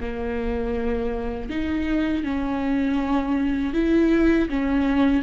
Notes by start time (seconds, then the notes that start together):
0.00 A#3
1.49 D#4
2.23 C#4
3.73 E4
4.49 C#4